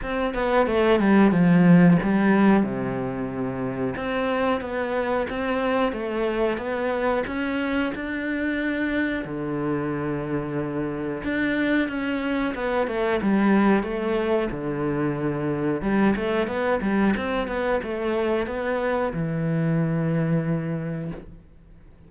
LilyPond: \new Staff \with { instrumentName = "cello" } { \time 4/4 \tempo 4 = 91 c'8 b8 a8 g8 f4 g4 | c2 c'4 b4 | c'4 a4 b4 cis'4 | d'2 d2~ |
d4 d'4 cis'4 b8 a8 | g4 a4 d2 | g8 a8 b8 g8 c'8 b8 a4 | b4 e2. | }